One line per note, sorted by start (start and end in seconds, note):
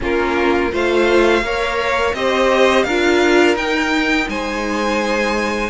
0.00 0.72 A#3
0.00 0.69 C#4
0.00 0.71 F4
0.00 0.74 A#4
0.71 1.42 A3
0.71 1.43 F4
0.71 1.43 C5
0.71 2.14 F5
1.42 2.13 A#3
1.42 2.15 A#4
1.42 2.15 C#5
2.13 2.85 C4
2.13 2.87 G4
2.13 2.85 C5
2.13 2.83 D#5
2.83 3.55 D4
2.83 3.57 F4
2.83 4.28 A#4
2.83 3.55 F5
3.55 4.26 D#4
3.55 5.70 D#4
3.55 4.28 G5
4.28 5.70 G#3
4.28 5.70 C5
4.28 5.70 G#5